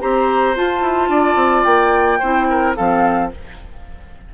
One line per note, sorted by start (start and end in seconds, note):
0.00 0.57 C4
0.00 0.54 G4
0.00 1.09 C5
0.00 0.55 A#5
0.54 2.20 F4
0.54 0.81 F4
0.54 1.64 A5
0.81 1.08 E4
1.08 1.35 D4
1.08 2.19 D5
1.35 1.63 C4
1.64 2.20 A#3
1.64 2.74 G5
2.19 2.77 C4
2.19 2.75 E4
2.19 2.46 C5
2.50 2.76 A#4
2.75 3.33 F3
2.75 3.31 C4
2.75 3.31 A4
2.75 3.31 F5